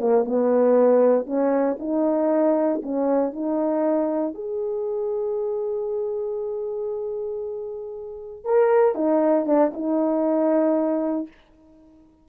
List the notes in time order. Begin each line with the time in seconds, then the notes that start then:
0.00 A#3
0.24 B3
1.26 C#4
1.79 D#4
2.82 C#4
3.33 D#4
4.34 G#4
8.44 A#4
8.95 D#4
9.46 D4
9.73 D#4